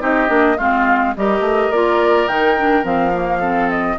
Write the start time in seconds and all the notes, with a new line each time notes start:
0.00 C4 D#4 G4 D#5
0.28 A#3 D4
0.57 G#3 C4 F4 F5
1.17 G3 G4 A#4 D#5
1.40 A3
1.71 A#3 F4 D5
2.28 D#3 D#4 G5
2.58 D4
2.83 F3 C4 F5
3.14 A#3
3.39 C4 A4
3.70 D#5